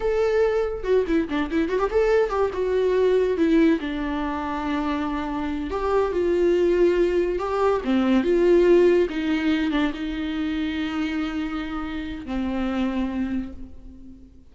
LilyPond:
\new Staff \with { instrumentName = "viola" } { \time 4/4 \tempo 4 = 142 a'2 fis'8 e'8 d'8 e'8 | fis'16 g'16 a'4 g'8 fis'2 | e'4 d'2.~ | d'4. g'4 f'4.~ |
f'4. g'4 c'4 f'8~ | f'4. dis'4. d'8 dis'8~ | dis'1~ | dis'4 c'2. | }